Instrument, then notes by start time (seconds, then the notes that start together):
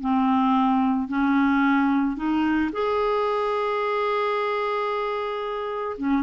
clarinet
0.00 C4
1.08 C#4
2.16 D#4
2.72 G#4
5.97 C#4